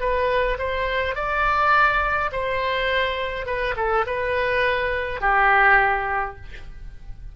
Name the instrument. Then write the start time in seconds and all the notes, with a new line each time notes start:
oboe
0.00 B4
0.58 C5
1.15 D5
2.32 C5
3.46 B4
3.76 A4
4.06 B4
5.21 G4